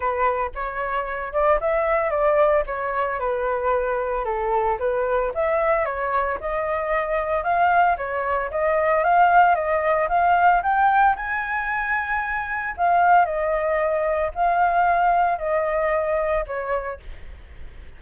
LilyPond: \new Staff \with { instrumentName = "flute" } { \time 4/4 \tempo 4 = 113 b'4 cis''4. d''8 e''4 | d''4 cis''4 b'2 | a'4 b'4 e''4 cis''4 | dis''2 f''4 cis''4 |
dis''4 f''4 dis''4 f''4 | g''4 gis''2. | f''4 dis''2 f''4~ | f''4 dis''2 cis''4 | }